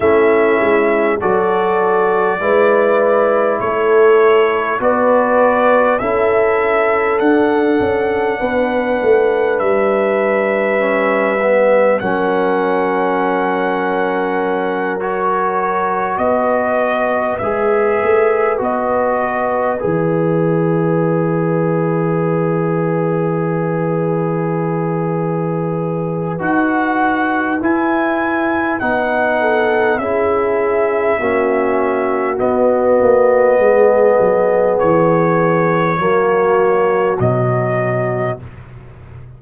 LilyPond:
<<
  \new Staff \with { instrumentName = "trumpet" } { \time 4/4 \tempo 4 = 50 e''4 d''2 cis''4 | d''4 e''4 fis''2 | e''2 fis''2~ | fis''8 cis''4 dis''4 e''4 dis''8~ |
dis''8 e''2.~ e''8~ | e''2 fis''4 gis''4 | fis''4 e''2 dis''4~ | dis''4 cis''2 dis''4 | }
  \new Staff \with { instrumentName = "horn" } { \time 4/4 e'4 a'4 b'4 a'4 | b'4 a'2 b'4~ | b'2 ais'2~ | ais'4. b'2~ b'8~ |
b'1~ | b'1~ | b'8 a'8 gis'4 fis'2 | gis'2 fis'2 | }
  \new Staff \with { instrumentName = "trombone" } { \time 4/4 cis'4 fis'4 e'2 | fis'4 e'4 d'2~ | d'4 cis'8 b8 cis'2~ | cis'8 fis'2 gis'4 fis'8~ |
fis'8 gis'2.~ gis'8~ | gis'2 fis'4 e'4 | dis'4 e'4 cis'4 b4~ | b2 ais4 fis4 | }
  \new Staff \with { instrumentName = "tuba" } { \time 4/4 a8 gis8 fis4 gis4 a4 | b4 cis'4 d'8 cis'8 b8 a8 | g2 fis2~ | fis4. b4 gis8 a8 b8~ |
b8 e2.~ e8~ | e2 dis'4 e'4 | b4 cis'4 ais4 b8 ais8 | gis8 fis8 e4 fis4 b,4 | }
>>